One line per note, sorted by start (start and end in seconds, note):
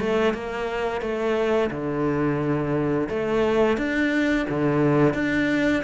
0.00 0.34 A3
0.34 1.02 A#3
1.02 1.71 A3
1.71 3.09 D3
3.10 3.78 A3
3.78 4.47 D4
4.50 5.14 D3
5.14 5.83 D4